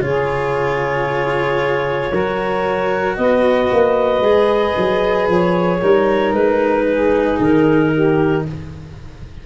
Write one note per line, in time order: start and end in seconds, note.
0.00 2.11 C#3
0.00 2.12 F4
0.00 2.11 G#4
0.00 3.16 C#5
2.11 3.17 F#3
2.11 4.24 F#4
2.11 3.16 A#4
3.16 3.70 B3
3.16 5.79 B4
3.16 5.27 D#5
3.72 4.20 A#3
4.20 4.72 G#3
4.20 5.82 G#4
4.77 5.28 F#3
5.28 5.80 F3
5.28 6.33 C#5
5.79 6.33 G3
5.79 8.45 D#4
5.79 6.84 A#4
6.33 7.38 G#3
6.33 7.38 B4
6.89 7.93 G#4
7.39 8.45 D#3
7.39 8.46 A#4
7.93 8.45 G4